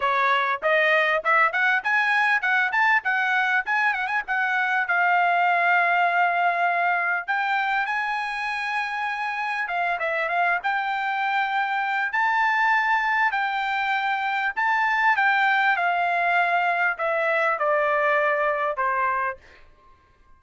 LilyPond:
\new Staff \with { instrumentName = "trumpet" } { \time 4/4 \tempo 4 = 99 cis''4 dis''4 e''8 fis''8 gis''4 | fis''8 a''8 fis''4 gis''8 fis''16 gis''16 fis''4 | f''1 | g''4 gis''2. |
f''8 e''8 f''8 g''2~ g''8 | a''2 g''2 | a''4 g''4 f''2 | e''4 d''2 c''4 | }